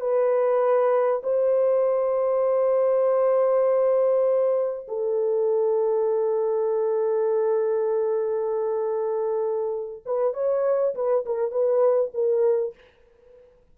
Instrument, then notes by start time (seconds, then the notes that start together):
horn
0.00 B4
1.23 C5
4.88 A4
10.05 B4
10.33 C#5
10.94 B4
11.26 A#4
11.51 B4
12.13 A#4